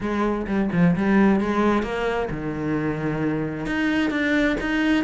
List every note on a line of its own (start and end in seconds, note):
0.00 0.46 G#3
0.46 0.69 G3
0.72 0.95 F3
0.96 1.40 G3
1.40 1.82 G#3
1.82 2.28 A#3
2.30 3.65 D#3
3.65 4.10 D#4
4.10 4.56 D4
4.60 5.04 D#4